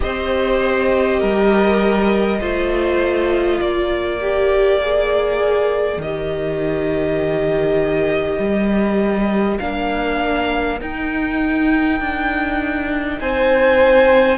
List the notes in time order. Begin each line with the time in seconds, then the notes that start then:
0.00 C4 G4 C5 D#5
1.19 G3 A#4
2.40 A3 F4 C5
3.58 A#3 A#4 D5
4.20 G4
4.81 G#4
5.97 D#3 D#5
6.03 G4
8.38 G3
9.58 A#3 D4 F5
10.80 D#4 G5
12.00 D4
13.20 C4 C5 G#5